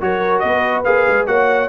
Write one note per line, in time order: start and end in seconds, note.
0.00 0.43 F#3
0.00 0.84 F#4
0.00 0.43 A#4
0.00 0.39 C#5
0.39 0.85 B3
0.39 1.27 B4
0.39 0.81 D#5
0.84 1.07 A#3
0.84 1.26 G#4
0.84 1.26 F5
1.08 1.27 G#3
1.26 1.68 A#3
1.26 1.68 F#4
1.26 1.68 C#5
1.26 1.68 F#5